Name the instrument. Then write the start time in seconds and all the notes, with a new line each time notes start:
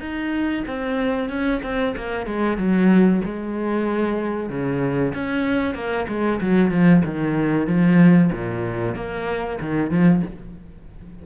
cello
0.00 D#4
0.67 C4
1.29 C#4
1.62 C4
1.96 A#3
2.26 G#3
2.57 F#3
3.24 G#3
4.49 C#3
5.14 C#4
5.74 A#3
6.08 G#3
6.41 F#3
6.71 F3
7.04 D#3
7.67 F3
8.32 A#2
8.95 A#3
9.60 D#3
9.90 F3